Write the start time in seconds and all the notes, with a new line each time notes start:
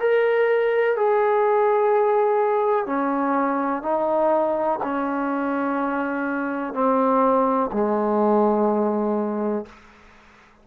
0.00 A#4
0.96 G#4
2.86 C#4
3.82 D#4
4.83 C#4
6.73 C4
7.72 G#3